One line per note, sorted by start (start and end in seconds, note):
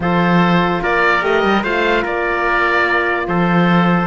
0.00 0.79 F3
0.00 1.21 F4
0.00 0.82 A4
0.00 0.83 C5
0.82 1.22 A#3
0.82 1.63 A#4
0.82 1.24 D5
1.21 1.43 A3
1.21 1.62 G4
1.21 1.63 D#5
1.43 1.63 G3
1.63 2.04 A3
1.63 4.07 F4
1.63 2.02 C5
1.63 2.04 F5
2.02 3.27 A#3
2.02 3.24 A#4
2.02 3.27 D5
3.27 4.07 F3
3.27 4.07 A4
3.27 4.07 C5